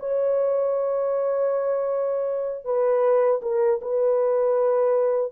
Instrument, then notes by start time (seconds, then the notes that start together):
horn
0.00 C#5
2.65 B4
3.42 A#4
3.82 B4